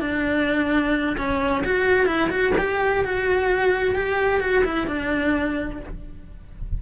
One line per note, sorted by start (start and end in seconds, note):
0.00 1.16 D4
1.17 1.64 C#4
1.64 2.06 F#4
2.06 2.29 E4
2.30 2.53 F#4
2.58 3.04 G4
3.04 3.95 F#4
3.95 4.40 G4
4.40 4.63 F#4
4.64 4.87 E4
4.87 5.80 D4